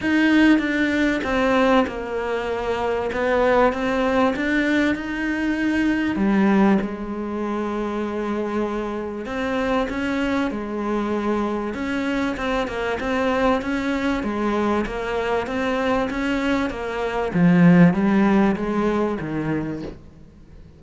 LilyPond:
\new Staff \with { instrumentName = "cello" } { \time 4/4 \tempo 4 = 97 dis'4 d'4 c'4 ais4~ | ais4 b4 c'4 d'4 | dis'2 g4 gis4~ | gis2. c'4 |
cis'4 gis2 cis'4 | c'8 ais8 c'4 cis'4 gis4 | ais4 c'4 cis'4 ais4 | f4 g4 gis4 dis4 | }